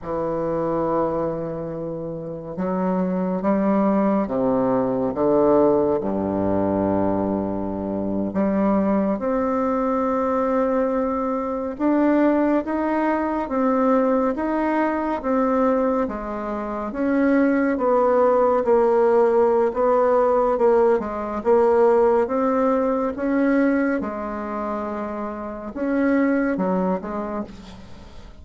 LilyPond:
\new Staff \with { instrumentName = "bassoon" } { \time 4/4 \tempo 4 = 70 e2. fis4 | g4 c4 d4 g,4~ | g,4.~ g,16 g4 c'4~ c'16~ | c'4.~ c'16 d'4 dis'4 c'16~ |
c'8. dis'4 c'4 gis4 cis'16~ | cis'8. b4 ais4~ ais16 b4 | ais8 gis8 ais4 c'4 cis'4 | gis2 cis'4 fis8 gis8 | }